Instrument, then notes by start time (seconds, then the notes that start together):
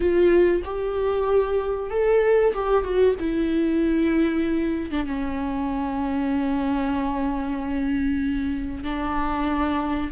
viola
0.00 F4
0.64 G4
1.90 A4
2.54 G4
2.83 F#4
3.19 E4
4.90 D4
5.06 C#4
8.83 D4